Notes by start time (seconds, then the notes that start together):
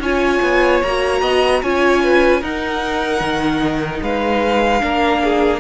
0.00 C#4 F4 C#5 G#5
0.43 B3
0.83 A#3 F#4 A#5
1.22 B3 D#5
1.63 C#4 F4 C#5 G#5
2.04 B4
2.41 D#4 A#4 F#5
3.21 D#3
4.03 G#3 B4 F5
4.81 A#3 D4 A#4
5.24 G#4